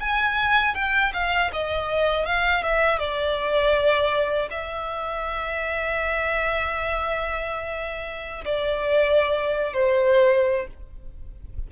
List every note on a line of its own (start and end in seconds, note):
0.00 0.75 G#5
0.75 1.12 G5
1.14 1.51 F5
1.53 2.26 D#5
2.26 2.63 F5
2.63 2.99 E5
2.99 4.49 D5
4.51 8.44 E5
8.45 9.73 D5
9.73 10.67 C5